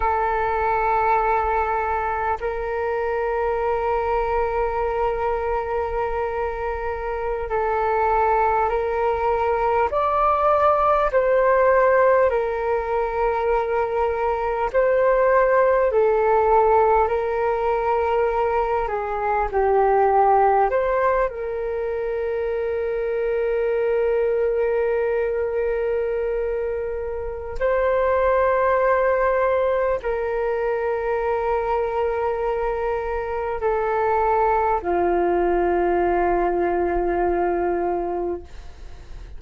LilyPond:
\new Staff \with { instrumentName = "flute" } { \time 4/4 \tempo 4 = 50 a'2 ais'2~ | ais'2~ ais'16 a'4 ais'8.~ | ais'16 d''4 c''4 ais'4.~ ais'16~ | ais'16 c''4 a'4 ais'4. gis'16~ |
gis'16 g'4 c''8 ais'2~ ais'16~ | ais'2. c''4~ | c''4 ais'2. | a'4 f'2. | }